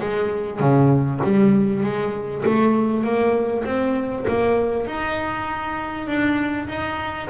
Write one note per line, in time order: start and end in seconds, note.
0.00 0.60 G#3
0.60 1.20 C#3
1.23 1.83 G3
1.83 2.44 G#3
2.45 3.03 A3
3.03 3.64 A#3
3.65 4.25 C4
4.28 4.87 A#3
4.87 6.07 D#4
6.07 6.68 D4
6.68 7.29 D#4